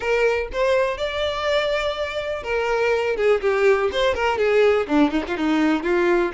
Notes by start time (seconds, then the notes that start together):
0.00 A#4
0.52 C5
0.97 D5
2.43 A#4
3.16 G#4
3.41 G4
3.92 C5
4.14 A#4
4.38 G#4
4.87 D4
5.10 D#4
5.27 F4
5.37 D#4
5.83 F4